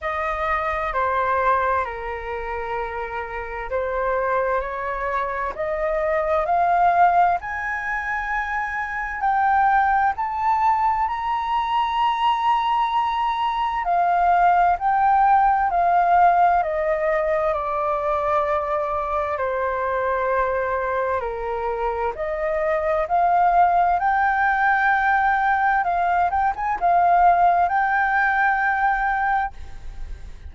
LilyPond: \new Staff \with { instrumentName = "flute" } { \time 4/4 \tempo 4 = 65 dis''4 c''4 ais'2 | c''4 cis''4 dis''4 f''4 | gis''2 g''4 a''4 | ais''2. f''4 |
g''4 f''4 dis''4 d''4~ | d''4 c''2 ais'4 | dis''4 f''4 g''2 | f''8 g''16 gis''16 f''4 g''2 | }